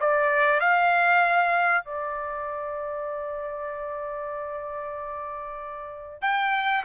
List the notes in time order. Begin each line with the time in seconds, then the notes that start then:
0.00 D5
0.60 F5
1.84 D5
6.22 G5